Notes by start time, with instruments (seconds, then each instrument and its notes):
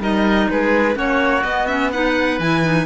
0.00 cello G3, clarinet D#4, oboe A#4, violin D#5
0.50 cello G#3, oboe G#4, violin B4
0.94 cello A#3, clarinet C#4, oboe F#4, violin C#5
1.44 cello B3, clarinet B3, violin D#5
1.67 clarinet C#4, violin E5
1.92 clarinet D#4, oboe B4, violin F#5
2.39 cello E3, clarinet E4, violin G#5
2.63 clarinet D#4